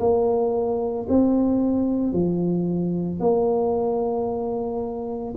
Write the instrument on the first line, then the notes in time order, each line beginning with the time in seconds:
tuba
0.00 A#3
1.09 C4
2.13 F3
3.20 A#3